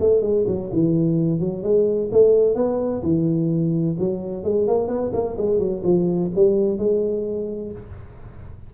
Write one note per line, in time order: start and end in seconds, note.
0.00 0.22 A3
0.22 0.45 G#3
0.47 0.71 F#3
0.73 1.40 E3
1.40 1.63 F#3
1.63 2.10 G#3
2.12 2.55 A3
2.55 3.02 B3
3.02 3.96 E3
3.99 4.44 F#3
4.44 4.67 G#3
4.67 4.88 A#3
4.88 5.11 B3
5.13 5.37 A#3
5.38 5.59 G#3
5.59 5.83 F#3
5.84 6.31 F3
6.36 6.78 G3
6.78 7.72 G#3